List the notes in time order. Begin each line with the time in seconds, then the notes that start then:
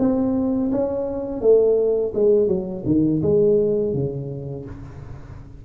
0.00 C4
0.72 C#4
1.42 A3
2.15 G#3
2.48 F#3
2.86 D#3
3.22 G#3
3.94 C#3